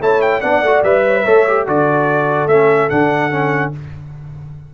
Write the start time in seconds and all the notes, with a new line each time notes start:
0.00 A3 E4 C#5 A5
0.21 G5
0.40 B3 D4 D5 F#5
0.61 A3 F#4
0.83 G3 B4 E5
1.06 C#5
1.16 B4
1.24 A3 A4 C#5
1.47 G4
1.66 D3 F#4 A4 D5
2.47 A3 C#4 E5
2.89 D3 D4 F#5
3.30 C#4